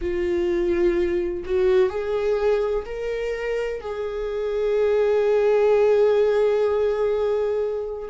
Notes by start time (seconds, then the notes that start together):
0.01 F4
1.45 F#4
1.89 G#4
2.85 A#4
3.80 G#4